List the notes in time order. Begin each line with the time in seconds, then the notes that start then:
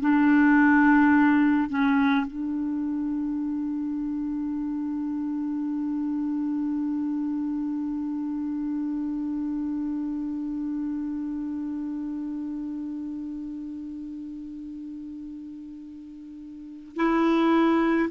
0.00 D4
1.69 C#4
2.26 D4
16.96 E4